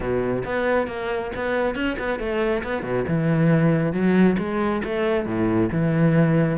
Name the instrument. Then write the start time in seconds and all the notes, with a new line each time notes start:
cello
0.00 B2
0.44 B3
0.87 A#3
1.35 B3
1.75 C#4
1.98 B3
2.19 A3
2.63 B3
2.82 B2
3.08 E3
3.92 F#3
4.38 G#3
4.84 A3
5.26 A2
5.72 E3